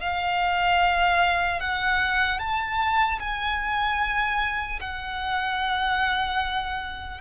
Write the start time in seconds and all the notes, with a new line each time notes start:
0.00 F5
1.60 F#5
2.39 A5
3.19 G#5
4.81 F#5